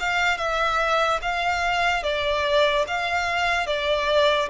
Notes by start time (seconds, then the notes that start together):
0.00 F5
0.38 E5
1.22 F5
2.03 D5
2.88 F5
3.67 D5